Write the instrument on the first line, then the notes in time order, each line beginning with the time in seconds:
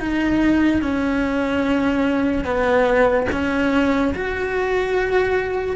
cello
0.00 D#4
0.82 C#4
2.45 B3
3.32 C#4
4.14 F#4